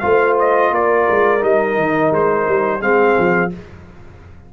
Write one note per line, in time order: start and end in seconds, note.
0.00 0.72 A3
0.00 1.41 F4
0.00 0.73 C5
0.00 0.35 F5
0.40 0.75 D#5
0.72 1.07 A#3
0.72 2.82 A#4
0.72 1.44 D5
1.11 1.43 G#3
1.41 1.77 G3
1.41 2.80 D#4
1.41 2.14 D#5
1.77 2.11 D#3
2.12 2.47 G#3
2.12 2.82 C5
2.48 2.81 G3
2.81 3.15 G#3
2.81 3.50 C4
2.81 3.52 G#4
2.81 3.52 F5
3.19 3.53 F3